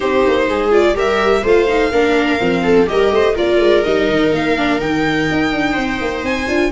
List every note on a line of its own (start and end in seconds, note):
0.00 0.26 C4
0.00 0.70 D#4
0.00 0.46 G4
0.00 0.71 C5
0.27 0.48 A#3
0.48 0.94 G#3
0.48 0.96 G#4
0.70 0.94 F4
0.70 0.96 D5
0.94 1.42 G3
0.94 1.42 G4
0.94 1.42 A#4
0.94 1.46 E5
1.42 1.91 A3
1.42 1.67 F4
1.42 1.90 C5
1.42 2.88 F5
1.67 1.91 D#4
1.91 2.39 A#3
1.91 2.39 D4
1.91 2.63 A#4
2.39 2.88 F3
2.39 2.86 C4
2.63 2.87 A4
2.86 3.11 G3
2.86 3.34 G4
2.86 3.15 A#4
2.86 3.36 D#5
3.11 3.35 A3
3.11 3.35 C5
3.35 3.58 A#3
3.35 3.83 F4
3.35 5.72 A#4
3.35 3.83 D5
3.58 3.82 G#3
3.83 4.09 G3
3.83 4.57 D#4
3.83 4.31 D#5
4.09 4.32 D#3
4.32 4.80 A#3
4.32 4.80 F5
4.57 4.79 D4
4.79 5.28 D#3
4.79 6.47 D#4
4.79 6.24 G5
5.31 5.52 D#4
5.52 5.76 D4
5.72 6.00 C4
5.72 6.68 C5
6.00 6.23 A#3
6.23 6.47 C4
6.23 6.71 G#5
6.48 6.71 D4
6.48 6.71 F4